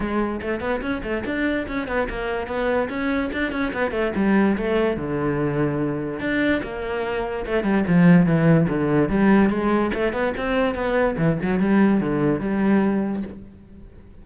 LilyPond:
\new Staff \with { instrumentName = "cello" } { \time 4/4 \tempo 4 = 145 gis4 a8 b8 cis'8 a8 d'4 | cis'8 b8 ais4 b4 cis'4 | d'8 cis'8 b8 a8 g4 a4 | d2. d'4 |
ais2 a8 g8 f4 | e4 d4 g4 gis4 | a8 b8 c'4 b4 e8 fis8 | g4 d4 g2 | }